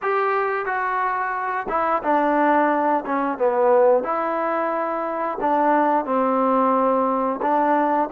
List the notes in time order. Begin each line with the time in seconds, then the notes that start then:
0.02 G4
0.65 F#4
1.69 E4
2.03 D4
3.05 C#4
3.38 B3
4.03 E4
5.40 D4
6.05 C4
7.42 D4